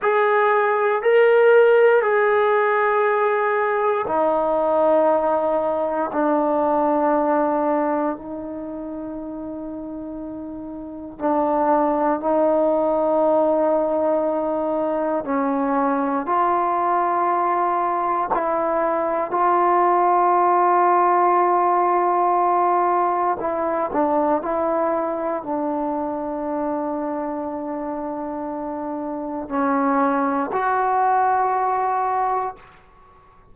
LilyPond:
\new Staff \with { instrumentName = "trombone" } { \time 4/4 \tempo 4 = 59 gis'4 ais'4 gis'2 | dis'2 d'2 | dis'2. d'4 | dis'2. cis'4 |
f'2 e'4 f'4~ | f'2. e'8 d'8 | e'4 d'2.~ | d'4 cis'4 fis'2 | }